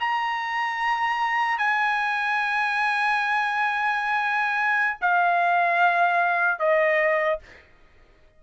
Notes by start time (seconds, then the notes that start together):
0.00 A#5
1.58 G#5
5.01 F5
6.59 D#5